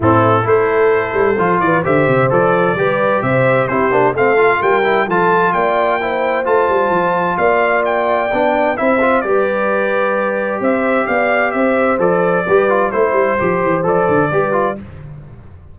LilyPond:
<<
  \new Staff \with { instrumentName = "trumpet" } { \time 4/4 \tempo 4 = 130 a'4 c''2~ c''8 d''8 | e''4 d''2 e''4 | c''4 f''4 g''4 a''4 | g''2 a''2 |
f''4 g''2 e''4 | d''2. e''4 | f''4 e''4 d''2 | c''2 d''2 | }
  \new Staff \with { instrumentName = "horn" } { \time 4/4 e'4 a'2~ a'8 b'8 | c''2 b'4 c''4 | g'4 a'4 ais'4 a'4 | d''4 c''2. |
d''2. c''4 | b'2. c''4 | d''4 c''2 b'4 | c''2. b'4 | }
  \new Staff \with { instrumentName = "trombone" } { \time 4/4 c'4 e'2 f'4 | g'4 a'4 g'2 | e'8 d'8 c'8 f'4 e'8 f'4~ | f'4 e'4 f'2~ |
f'2 d'4 e'8 f'8 | g'1~ | g'2 a'4 g'8 f'8 | e'4 g'4 a'4 g'8 f'8 | }
  \new Staff \with { instrumentName = "tuba" } { \time 4/4 a,4 a4. g8 f8 e8 | d8 c8 f4 g4 c4 | c'8 ais8 a4 g4 f4 | ais2 a8 g8 f4 |
ais2 b4 c'4 | g2. c'4 | b4 c'4 f4 g4 | a8 g8 f8 e8 f8 d8 g4 | }
>>